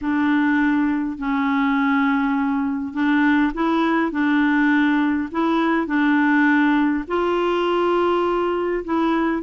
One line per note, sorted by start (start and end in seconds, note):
0.01 1.18 D4
1.18 2.93 C#4
2.93 3.52 D4
3.53 4.11 E4
4.11 5.29 D4
5.31 5.86 E4
5.86 7.04 D4
7.07 8.84 F4
8.84 9.42 E4